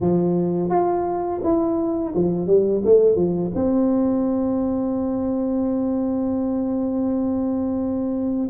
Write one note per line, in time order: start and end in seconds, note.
0.00 0.70 F3
0.70 1.40 F4
1.43 2.14 E4
2.14 2.46 F3
2.46 2.82 G3
2.84 3.15 A3
3.15 3.51 F3
3.55 8.49 C4